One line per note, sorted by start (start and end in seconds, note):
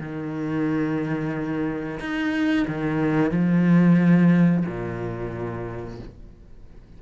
0.00 2.00 D#3
2.00 2.67 D#4
2.68 3.31 D#3
3.31 4.65 F3
4.67 6.00 A#2